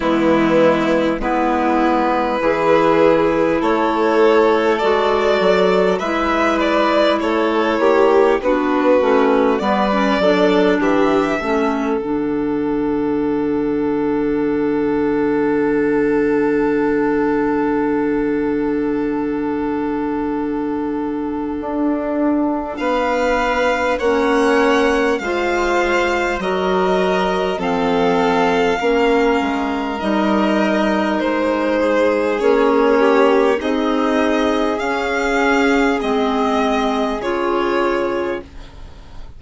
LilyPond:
<<
  \new Staff \with { instrumentName = "violin" } { \time 4/4 \tempo 4 = 50 e'4 b'2 cis''4 | d''4 e''8 d''8 cis''4 b'4 | d''4 e''4 fis''2~ | fis''1~ |
fis''2. f''4 | fis''4 f''4 dis''4 f''4~ | f''4 dis''4 c''4 cis''4 | dis''4 f''4 dis''4 cis''4 | }
  \new Staff \with { instrumentName = "violin" } { \time 4/4 b4 e'4 gis'4 a'4~ | a'4 b'4 a'8 g'8 fis'4 | b'8 a'8 g'8 a'2~ a'8~ | a'1~ |
a'2. b'4 | cis''4 c''4 ais'4 a'4 | ais'2~ ais'8 gis'4 g'8 | gis'1 | }
  \new Staff \with { instrumentName = "clarinet" } { \time 4/4 gis4 b4 e'2 | fis'4 e'2 d'8 cis'8 | b16 cis'16 d'4 cis'8 d'2~ | d'1~ |
d'1 | cis'4 f'4 fis'4 c'4 | cis'4 dis'2 cis'4 | dis'4 cis'4 c'4 f'4 | }
  \new Staff \with { instrumentName = "bassoon" } { \time 4/4 e4 gis4 e4 a4 | gis8 fis8 gis4 a8 ais8 b8 a8 | g8 fis8 e8 a8 d2~ | d1~ |
d2 d'4 b4 | ais4 gis4 fis4 f4 | ais8 gis8 g4 gis4 ais4 | c'4 cis'4 gis4 cis4 | }
>>